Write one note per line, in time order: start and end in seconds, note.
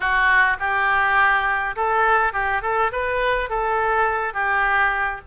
0.00 0.57 F#4
0.59 1.75 G4
1.76 2.32 A4
2.32 2.62 G4
2.62 2.91 A4
2.92 3.49 B4
3.49 4.33 A4
4.33 5.21 G4